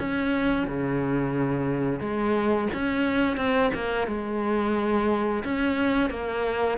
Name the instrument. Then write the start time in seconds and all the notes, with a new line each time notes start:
cello
0.00 C#4
0.68 C#3
2.01 G#3
2.74 C#4
3.37 C4
3.75 A#3
4.08 G#3
5.45 C#4
6.10 A#3